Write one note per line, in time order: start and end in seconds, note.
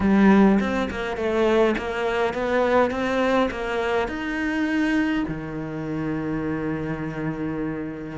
0.00 0.58 G3
0.60 0.89 C4
0.90 1.17 A#3
1.17 1.75 A3
1.78 2.33 A#3
2.33 2.90 B3
2.90 3.49 C4
3.51 4.08 A#3
4.08 5.24 D#4
5.28 8.18 D#3